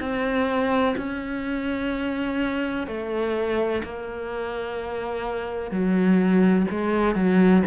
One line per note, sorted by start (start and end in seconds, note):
0.00 0.95 C4
0.97 2.87 C#4
2.87 3.83 A3
3.84 5.71 A#3
5.71 6.67 F#3
6.71 7.16 G#3
7.16 7.63 F#3